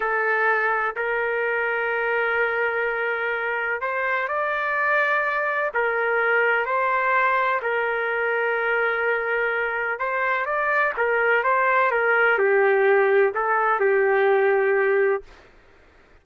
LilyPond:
\new Staff \with { instrumentName = "trumpet" } { \time 4/4 \tempo 4 = 126 a'2 ais'2~ | ais'1 | c''4 d''2. | ais'2 c''2 |
ais'1~ | ais'4 c''4 d''4 ais'4 | c''4 ais'4 g'2 | a'4 g'2. | }